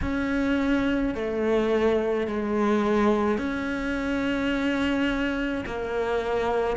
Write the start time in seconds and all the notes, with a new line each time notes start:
0.01 C#4
1.14 A3
2.26 G#3
3.38 C#4
5.66 A#3